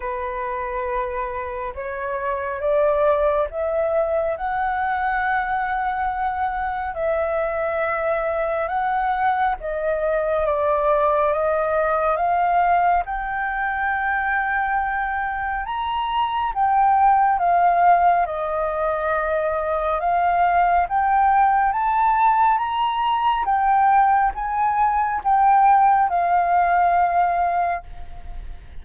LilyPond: \new Staff \with { instrumentName = "flute" } { \time 4/4 \tempo 4 = 69 b'2 cis''4 d''4 | e''4 fis''2. | e''2 fis''4 dis''4 | d''4 dis''4 f''4 g''4~ |
g''2 ais''4 g''4 | f''4 dis''2 f''4 | g''4 a''4 ais''4 g''4 | gis''4 g''4 f''2 | }